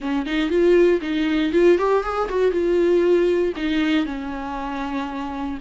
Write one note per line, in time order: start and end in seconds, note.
0.00 0.25 C#4
0.25 0.49 D#4
0.49 1.00 F4
1.01 1.52 D#4
1.52 1.78 F4
1.78 2.03 G4
2.03 2.28 G#4
2.28 2.51 F#4
2.51 3.53 F4
3.56 4.05 D#4
4.05 5.58 C#4